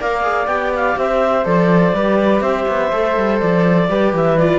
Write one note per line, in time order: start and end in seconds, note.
0.00 0.47 A#3
0.00 0.23 A#4
0.00 0.98 D5
0.00 0.47 F5
0.23 0.47 G#4
0.47 0.96 B3
0.47 1.45 G4
0.47 0.71 G5
0.76 0.98 F5
0.97 1.45 C4
0.97 1.96 C5
0.97 1.46 E5
1.45 1.94 F3
1.45 1.94 A4
1.45 2.41 D5
1.94 2.41 G3
1.94 2.93 G4
1.94 2.42 B4
2.41 2.65 C4
2.41 3.89 C5
2.41 3.39 E5
2.68 2.92 B3
2.93 3.17 A3
2.93 3.89 A4
3.17 3.42 G3
3.40 3.90 F3
3.40 4.13 D5
3.89 4.13 G3
3.89 4.38 G4
3.89 4.59 B4
4.13 4.59 E3
4.13 4.38 E5
4.38 4.59 F4
4.38 4.59 D5